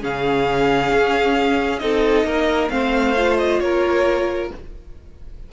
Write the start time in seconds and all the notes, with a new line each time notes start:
0.00 C#3 C#4 G#4 F5
0.93 C#4
1.78 C4 D#4 A4 D#5
2.24 A#3 A#4
2.69 A3 C4 C5 F5
3.16 F4
3.38 D#5
3.59 A#3 A#4 C#5